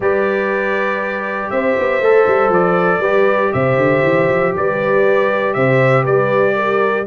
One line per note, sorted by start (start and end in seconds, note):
0.00 1.49 G3
0.00 2.02 G4
0.00 1.52 B4
0.00 1.50 D5
1.50 1.76 C4
1.50 3.00 C5
1.50 2.51 E5
1.78 2.00 B3
2.00 2.25 A3
2.00 3.02 A4
2.26 2.48 G3
2.48 2.99 F3
2.48 3.53 D5
3.00 3.50 G3
3.00 7.06 G4
3.00 3.50 B4
3.53 3.77 C3
3.53 4.55 C5
3.53 4.53 E5
3.77 4.02 D3
4.03 4.28 E3
4.28 4.54 F3
4.55 5.55 G3
4.55 5.56 B4
4.55 5.53 D5
5.53 6.05 C3
5.53 6.03 C5
5.53 6.04 E5
6.03 7.06 G3
6.03 6.53 B4
6.03 7.06 D5
6.55 7.05 A#4